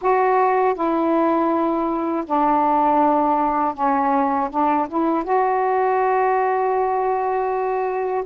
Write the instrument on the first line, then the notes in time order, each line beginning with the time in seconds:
saxophone
0.01 F#4
0.74 E4
2.26 D4
3.74 C#4
4.50 D4
4.88 E4
5.24 F#4